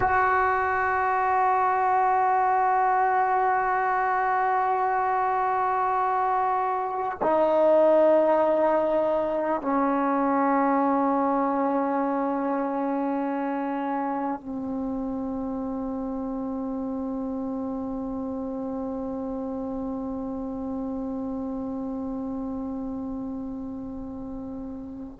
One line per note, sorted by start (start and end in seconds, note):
0.00 7.18 F#4
7.22 9.61 D#4
9.61 14.40 C#4
14.40 25.19 C4